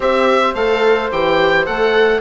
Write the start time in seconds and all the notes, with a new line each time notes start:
0.00 C4 G4 C5 E5
0.54 A3 A4 F5
1.11 E3 G4 G5
1.66 A3 A4 F#5